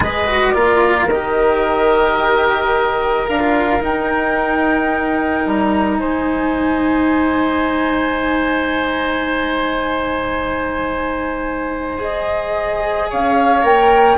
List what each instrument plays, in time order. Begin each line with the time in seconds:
0.00 bassoon G#3, cello G#4, oboe B4, flute D#5
0.26 cello F#4
0.50 bassoon A#3, cello F4, oboe A#4, flute D5
1.06 bassoon D#3, cello G4, flute D#5
3.26 bassoon D4, cello A#4, flute F5
3.39 cello F4
3.80 bassoon D#4, cello D#4, flute G5
5.46 bassoon G3, flute A#5
5.99 bassoon G#3, oboe C5, flute G#5
11.98 cello G#4, flute D#5
13.09 bassoon C#4, oboe C#5, flute F5
13.61 bassoon A#3, cello A#4, flute G5